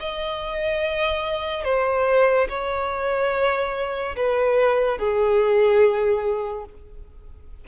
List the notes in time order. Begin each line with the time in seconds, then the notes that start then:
0.00 D#5
1.64 C5
2.49 C#5
4.16 B4
4.98 G#4